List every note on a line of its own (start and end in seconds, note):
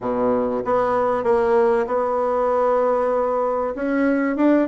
0.00 0.63 B2
0.64 1.23 B3
1.23 1.86 A#3
1.87 3.74 B3
3.75 4.36 C#4
4.36 4.67 D4